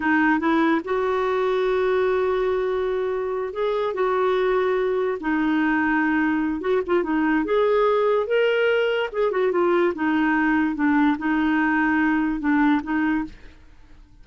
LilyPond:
\new Staff \with { instrumentName = "clarinet" } { \time 4/4 \tempo 4 = 145 dis'4 e'4 fis'2~ | fis'1~ | fis'8 gis'4 fis'2~ fis'8~ | fis'8 dis'2.~ dis'8 |
fis'8 f'8 dis'4 gis'2 | ais'2 gis'8 fis'8 f'4 | dis'2 d'4 dis'4~ | dis'2 d'4 dis'4 | }